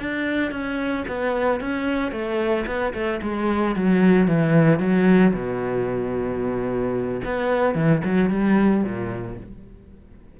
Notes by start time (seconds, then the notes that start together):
0.00 D4
0.52 C#4
1.08 B3
1.61 C#4
2.12 A3
2.67 B3
2.94 A3
3.22 G#3
3.76 F#3
4.28 E3
4.79 F#3
5.34 B2
7.25 B3
7.75 E3
8.05 F#3
8.30 G3
8.84 A#2